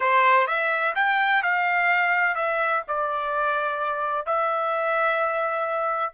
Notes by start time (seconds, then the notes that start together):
0.00 C5
0.47 E5
0.95 G5
1.42 F5
2.35 E5
2.87 D5
4.26 E5